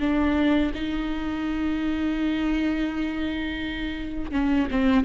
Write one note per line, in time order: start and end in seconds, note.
0.00 0.72 D4
0.74 4.32 D#4
4.32 4.68 C#4
4.71 5.05 C4